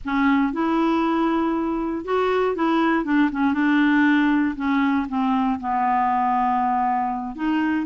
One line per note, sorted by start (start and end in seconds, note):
0.04 0.52 C#4
0.52 2.04 E4
2.04 2.55 F#4
2.55 3.04 E4
3.04 3.30 D4
3.31 3.53 C#4
3.53 4.55 D4
4.56 5.06 C#4
5.08 5.59 C4
5.60 7.35 B3
7.35 7.86 D#4